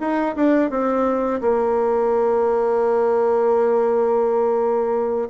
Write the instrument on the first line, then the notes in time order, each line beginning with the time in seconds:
bassoon
0.00 D#4
0.36 D4
0.70 C4
1.41 A#3